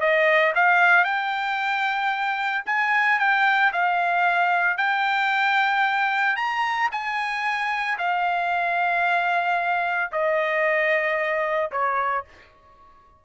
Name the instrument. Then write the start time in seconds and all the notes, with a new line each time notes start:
trumpet
0.00 D#5
0.55 F5
1.04 G5
2.66 G#5
3.19 G5
3.72 F5
4.77 G5
6.36 A#5
6.92 G#5
7.98 F5
10.12 D#5
11.72 C#5